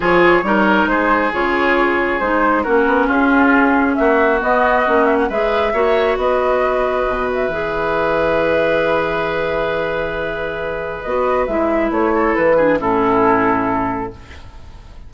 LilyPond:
<<
  \new Staff \with { instrumentName = "flute" } { \time 4/4 \tempo 4 = 136 cis''2 c''4 cis''4~ | cis''4 c''4 ais'4 gis'4~ | gis'4 e''4 dis''4. e''16 fis''16 | e''2 dis''2~ |
dis''8 e''2.~ e''8~ | e''1~ | e''4 dis''4 e''4 cis''4 | b'4 a'2. | }
  \new Staff \with { instrumentName = "oboe" } { \time 4/4 gis'4 ais'4 gis'2~ | gis'2 fis'4 f'4~ | f'4 fis'2. | b'4 cis''4 b'2~ |
b'1~ | b'1~ | b'2.~ b'8 a'8~ | a'8 gis'8 e'2. | }
  \new Staff \with { instrumentName = "clarinet" } { \time 4/4 f'4 dis'2 f'4~ | f'4 dis'4 cis'2~ | cis'2 b4 cis'4 | gis'4 fis'2.~ |
fis'4 gis'2.~ | gis'1~ | gis'4 fis'4 e'2~ | e'8 d'8 cis'2. | }
  \new Staff \with { instrumentName = "bassoon" } { \time 4/4 f4 g4 gis4 cis4~ | cis4 gis4 ais8 b8 cis'4~ | cis'4 ais4 b4 ais4 | gis4 ais4 b2 |
b,4 e2.~ | e1~ | e4 b4 gis4 a4 | e4 a,2. | }
>>